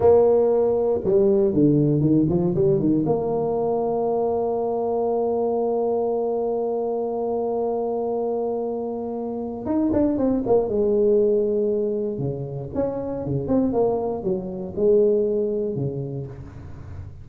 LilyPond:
\new Staff \with { instrumentName = "tuba" } { \time 4/4 \tempo 4 = 118 ais2 g4 d4 | dis8 f8 g8 dis8 ais2~ | ais1~ | ais1~ |
ais2. dis'8 d'8 | c'8 ais8 gis2. | cis4 cis'4 cis8 c'8 ais4 | fis4 gis2 cis4 | }